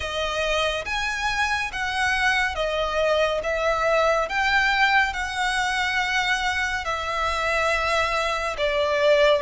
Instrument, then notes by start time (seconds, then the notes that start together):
violin
0.00 D#5
0.85 G#5
1.72 F#5
2.55 D#5
3.43 E5
4.28 G5
5.13 F#5
6.85 E5
8.57 D5